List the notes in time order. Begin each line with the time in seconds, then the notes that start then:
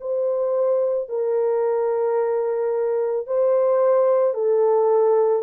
0.00 C5
1.09 A#4
3.26 C5
4.34 A4